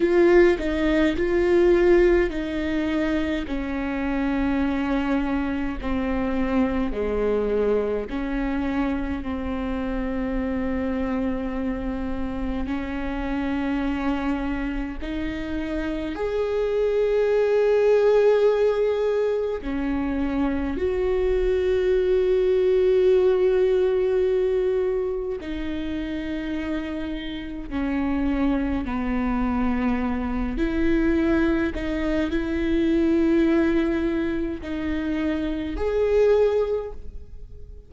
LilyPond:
\new Staff \with { instrumentName = "viola" } { \time 4/4 \tempo 4 = 52 f'8 dis'8 f'4 dis'4 cis'4~ | cis'4 c'4 gis4 cis'4 | c'2. cis'4~ | cis'4 dis'4 gis'2~ |
gis'4 cis'4 fis'2~ | fis'2 dis'2 | cis'4 b4. e'4 dis'8 | e'2 dis'4 gis'4 | }